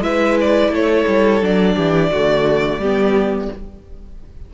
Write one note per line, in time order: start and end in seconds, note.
0.00 0.69 G#3
0.00 1.41 E4
0.00 0.71 B4
0.00 0.37 E5
0.40 0.74 D5
0.69 1.04 A3
0.69 1.75 A4
0.69 1.44 C#5
1.07 1.41 G3
1.41 1.76 F#3
1.41 2.11 D4
1.41 3.53 D5
1.75 2.11 E3
1.75 2.10 G4
2.11 2.78 D3
2.11 2.83 A3
2.11 2.80 F#4
2.78 3.48 G3
2.78 3.52 B3
2.78 3.50 G4